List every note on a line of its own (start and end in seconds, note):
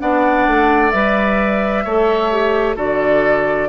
0.00 0.47 B3
0.00 0.92 D4
0.00 1.85 D5
0.00 0.91 F#5
0.47 0.93 A3
0.91 1.85 G3
0.91 1.85 B4
0.91 2.76 E5
1.85 2.77 A3
1.85 2.32 A4
1.85 2.76 C#5
2.32 2.76 G4
2.76 3.69 D3
2.76 3.69 F#4
2.76 3.69 A4
2.76 3.69 D5